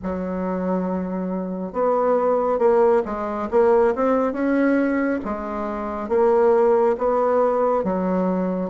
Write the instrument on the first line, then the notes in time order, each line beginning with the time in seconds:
bassoon
0.02 F#3
1.72 B3
2.58 A#3
3.05 G#3
3.50 A#3
3.95 C4
4.32 C#4
5.25 G#3
6.09 A#3
6.98 B3
7.83 F#3